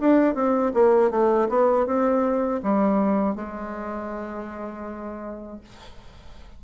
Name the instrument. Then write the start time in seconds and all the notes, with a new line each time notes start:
bassoon
0.00 D4
0.34 C4
0.74 A#3
1.10 A3
1.49 B3
1.86 C4
2.62 G3
3.35 G#3